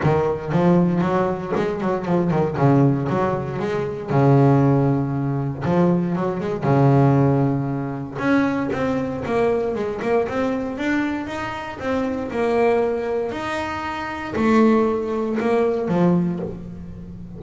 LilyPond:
\new Staff \with { instrumentName = "double bass" } { \time 4/4 \tempo 4 = 117 dis4 f4 fis4 gis8 fis8 | f8 dis8 cis4 fis4 gis4 | cis2. f4 | fis8 gis8 cis2. |
cis'4 c'4 ais4 gis8 ais8 | c'4 d'4 dis'4 c'4 | ais2 dis'2 | a2 ais4 f4 | }